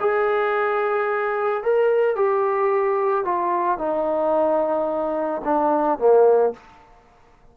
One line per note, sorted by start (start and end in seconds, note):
0.00 1.63 G#4
1.63 2.16 A#4
2.16 3.24 G4
3.24 3.78 F4
3.78 5.42 D#4
5.45 5.99 D4
5.99 6.53 A#3